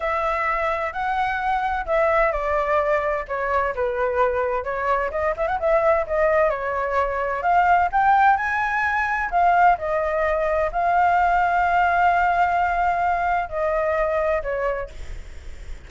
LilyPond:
\new Staff \with { instrumentName = "flute" } { \time 4/4 \tempo 4 = 129 e''2 fis''2 | e''4 d''2 cis''4 | b'2 cis''4 dis''8 e''16 fis''16 | e''4 dis''4 cis''2 |
f''4 g''4 gis''2 | f''4 dis''2 f''4~ | f''1~ | f''4 dis''2 cis''4 | }